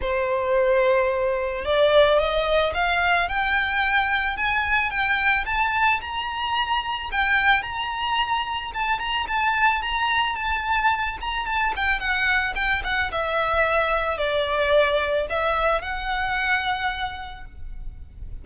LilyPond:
\new Staff \with { instrumentName = "violin" } { \time 4/4 \tempo 4 = 110 c''2. d''4 | dis''4 f''4 g''2 | gis''4 g''4 a''4 ais''4~ | ais''4 g''4 ais''2 |
a''8 ais''8 a''4 ais''4 a''4~ | a''8 ais''8 a''8 g''8 fis''4 g''8 fis''8 | e''2 d''2 | e''4 fis''2. | }